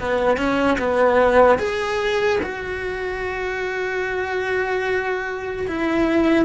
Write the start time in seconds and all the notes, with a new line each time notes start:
0.00 B3
0.38 C#4
0.79 B3
1.59 G#4
2.43 F#4
5.68 E4